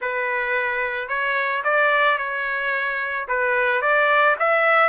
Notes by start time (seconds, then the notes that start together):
0.01 B4
1.08 C#5
1.64 D5
2.18 C#5
3.28 B4
3.81 D5
4.39 E5